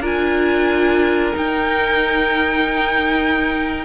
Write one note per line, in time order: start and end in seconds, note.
0.00 1.33 D4
0.00 1.34 F4
0.00 3.85 A#4
0.06 1.37 G#5
1.34 3.84 D#4
1.34 3.86 D#4
1.34 3.86 G5